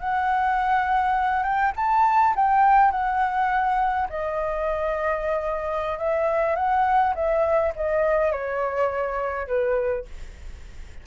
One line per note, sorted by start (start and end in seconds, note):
0.00 1.43 F#5
1.43 1.72 G5
1.76 2.34 A5
2.35 2.91 G5
2.91 4.08 F#5
4.10 5.99 D#5
5.99 6.56 E5
6.56 7.14 F#5
7.15 7.73 E5
7.76 8.32 D#5
8.32 9.47 C#5
9.47 10.05 B4